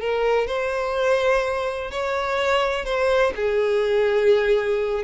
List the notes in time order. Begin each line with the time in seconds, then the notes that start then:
0.00 A#4
0.47 C5
1.91 C#5
2.85 C5
3.36 G#4